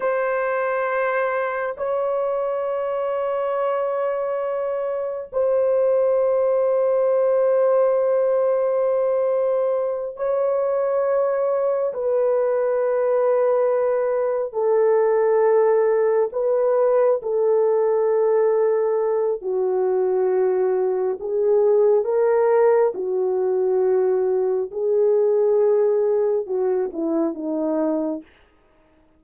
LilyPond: \new Staff \with { instrumentName = "horn" } { \time 4/4 \tempo 4 = 68 c''2 cis''2~ | cis''2 c''2~ | c''2.~ c''8 cis''8~ | cis''4. b'2~ b'8~ |
b'8 a'2 b'4 a'8~ | a'2 fis'2 | gis'4 ais'4 fis'2 | gis'2 fis'8 e'8 dis'4 | }